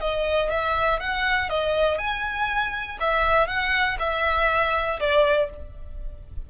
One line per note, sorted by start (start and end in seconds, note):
0.00 0.50 D#5
0.50 0.99 E5
0.99 1.49 F#5
1.49 1.98 D#5
1.98 2.98 G#5
3.00 3.47 E5
3.47 3.97 F#5
3.99 4.99 E5
5.00 5.50 D5